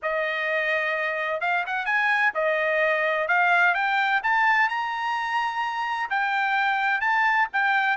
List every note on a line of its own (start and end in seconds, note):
0.02 1.40 D#5
1.40 1.64 F5
1.66 1.85 F#5
1.85 2.32 G#5
2.34 3.27 D#5
3.27 3.74 F5
3.74 4.21 G5
4.23 4.69 A5
4.69 6.09 A#5
6.10 7.00 G5
7.00 7.47 A5
7.53 7.97 G5